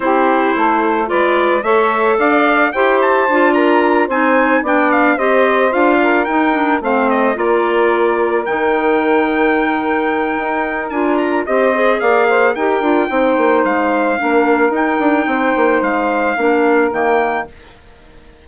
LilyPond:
<<
  \new Staff \with { instrumentName = "trumpet" } { \time 4/4 \tempo 4 = 110 c''2 d''4 e''4 | f''4 g''8 a''4 ais''4 gis''8~ | gis''8 g''8 f''8 dis''4 f''4 g''8~ | g''8 f''8 dis''8 d''2 g''8~ |
g''1 | gis''8 ais''8 dis''4 f''4 g''4~ | g''4 f''2 g''4~ | g''4 f''2 g''4 | }
  \new Staff \with { instrumentName = "saxophone" } { \time 4/4 g'4 a'4 b'4 cis''4 | d''4 c''4. ais'4 c''8~ | c''8 d''4 c''4. ais'4~ | ais'8 c''4 ais'2~ ais'8~ |
ais'1~ | ais'4 c''4 d''8 c''8 ais'4 | c''2 ais'2 | c''2 ais'2 | }
  \new Staff \with { instrumentName = "clarinet" } { \time 4/4 e'2 f'4 a'4~ | a'4 g'4 f'4. dis'8~ | dis'8 d'4 g'4 f'4 dis'8 | d'8 c'4 f'2 dis'8~ |
dis'1 | f'4 g'8 gis'4. g'8 f'8 | dis'2 d'4 dis'4~ | dis'2 d'4 ais4 | }
  \new Staff \with { instrumentName = "bassoon" } { \time 4/4 c'4 a4 gis4 a4 | d'4 e'4 d'4. c'8~ | c'8 b4 c'4 d'4 dis'8~ | dis'8 a4 ais2 dis8~ |
dis2. dis'4 | d'4 c'4 ais4 dis'8 d'8 | c'8 ais8 gis4 ais4 dis'8 d'8 | c'8 ais8 gis4 ais4 dis4 | }
>>